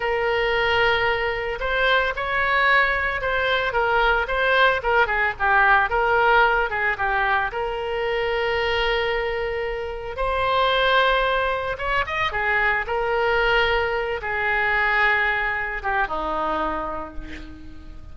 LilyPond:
\new Staff \with { instrumentName = "oboe" } { \time 4/4 \tempo 4 = 112 ais'2. c''4 | cis''2 c''4 ais'4 | c''4 ais'8 gis'8 g'4 ais'4~ | ais'8 gis'8 g'4 ais'2~ |
ais'2. c''4~ | c''2 cis''8 dis''8 gis'4 | ais'2~ ais'8 gis'4.~ | gis'4. g'8 dis'2 | }